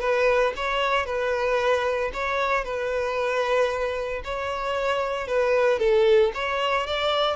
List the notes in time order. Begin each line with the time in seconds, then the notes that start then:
0.00 B4
0.56 C#5
1.06 B4
2.13 C#5
2.64 B4
4.24 C#5
5.27 B4
5.79 A4
6.34 C#5
6.86 D5